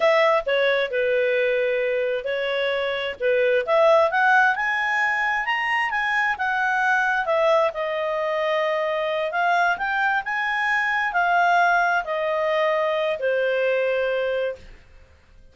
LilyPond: \new Staff \with { instrumentName = "clarinet" } { \time 4/4 \tempo 4 = 132 e''4 cis''4 b'2~ | b'4 cis''2 b'4 | e''4 fis''4 gis''2 | ais''4 gis''4 fis''2 |
e''4 dis''2.~ | dis''8 f''4 g''4 gis''4.~ | gis''8 f''2 dis''4.~ | dis''4 c''2. | }